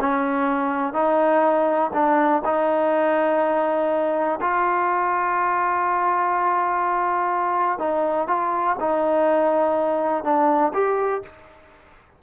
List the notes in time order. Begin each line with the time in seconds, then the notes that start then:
0.00 C#4
0.93 D#4
1.94 D4
2.45 D#4
4.41 F4
7.79 D#4
8.27 F4
8.80 D#4
10.24 D4
10.73 G4